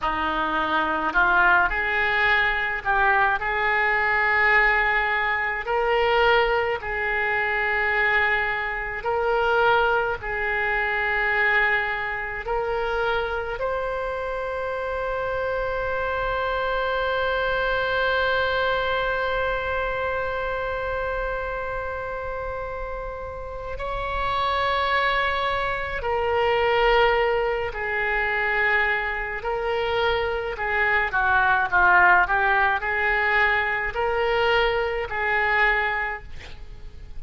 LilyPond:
\new Staff \with { instrumentName = "oboe" } { \time 4/4 \tempo 4 = 53 dis'4 f'8 gis'4 g'8 gis'4~ | gis'4 ais'4 gis'2 | ais'4 gis'2 ais'4 | c''1~ |
c''1~ | c''4 cis''2 ais'4~ | ais'8 gis'4. ais'4 gis'8 fis'8 | f'8 g'8 gis'4 ais'4 gis'4 | }